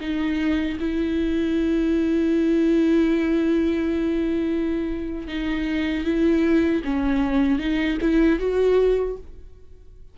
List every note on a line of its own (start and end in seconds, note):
0.00 0.78 D#4
0.80 5.27 E4
5.27 6.04 D#4
6.04 6.82 E4
6.84 7.59 C#4
7.59 7.98 D#4
8.01 8.39 E4
8.39 9.17 F#4